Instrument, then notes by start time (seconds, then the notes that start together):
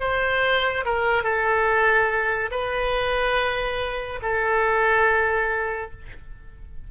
oboe
0.00 C5
0.85 A#4
1.23 A4
2.51 B4
4.22 A4